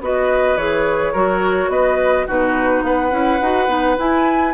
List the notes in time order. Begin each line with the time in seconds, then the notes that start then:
0.00 B3 F#4 B4 D#5
0.56 E3 G#4 C#5
1.13 F#3 F#4 A#4
1.68 B3 B4 D#5
2.26 B2 D#4 F#4 B4
2.82 B3 B4 F#5
3.11 C#4 E4
3.41 D#4 F#4
3.67 B3 D#4
3.98 E4 G#5